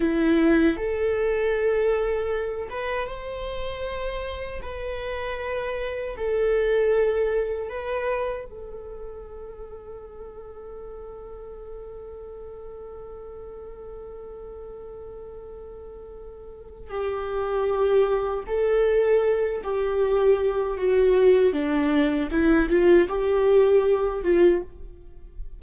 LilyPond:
\new Staff \with { instrumentName = "viola" } { \time 4/4 \tempo 4 = 78 e'4 a'2~ a'8 b'8 | c''2 b'2 | a'2 b'4 a'4~ | a'1~ |
a'1~ | a'2 g'2 | a'4. g'4. fis'4 | d'4 e'8 f'8 g'4. f'8 | }